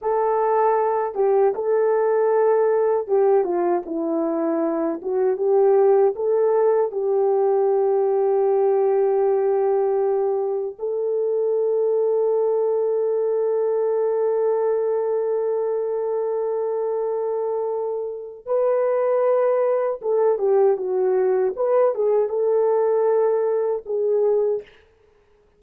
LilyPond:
\new Staff \with { instrumentName = "horn" } { \time 4/4 \tempo 4 = 78 a'4. g'8 a'2 | g'8 f'8 e'4. fis'8 g'4 | a'4 g'2.~ | g'2 a'2~ |
a'1~ | a'1 | b'2 a'8 g'8 fis'4 | b'8 gis'8 a'2 gis'4 | }